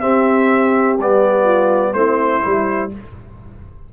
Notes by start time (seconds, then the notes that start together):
0.00 C4 G4 E5
0.98 G3 B3 D5
1.44 F4
1.93 A3 C4 E4 C5
2.41 G3 E4